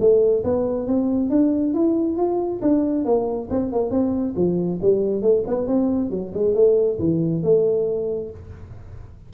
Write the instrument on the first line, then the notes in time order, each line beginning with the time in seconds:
tuba
0.00 A3
0.44 B3
0.87 C4
1.30 D4
1.74 E4
2.17 F4
2.62 D4
3.05 A#3
3.51 C4
3.72 A#3
3.91 C4
4.36 F3
4.82 G3
5.22 A3
5.47 B3
5.67 C4
6.11 F#3
6.34 G#3
6.55 A3
6.99 E3
7.43 A3